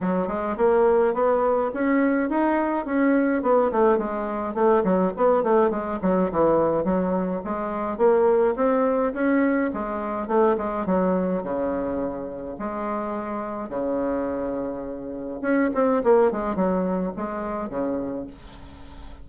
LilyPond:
\new Staff \with { instrumentName = "bassoon" } { \time 4/4 \tempo 4 = 105 fis8 gis8 ais4 b4 cis'4 | dis'4 cis'4 b8 a8 gis4 | a8 fis8 b8 a8 gis8 fis8 e4 | fis4 gis4 ais4 c'4 |
cis'4 gis4 a8 gis8 fis4 | cis2 gis2 | cis2. cis'8 c'8 | ais8 gis8 fis4 gis4 cis4 | }